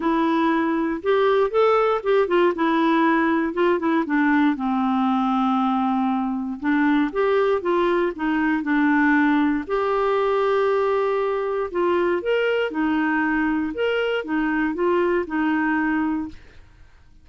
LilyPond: \new Staff \with { instrumentName = "clarinet" } { \time 4/4 \tempo 4 = 118 e'2 g'4 a'4 | g'8 f'8 e'2 f'8 e'8 | d'4 c'2.~ | c'4 d'4 g'4 f'4 |
dis'4 d'2 g'4~ | g'2. f'4 | ais'4 dis'2 ais'4 | dis'4 f'4 dis'2 | }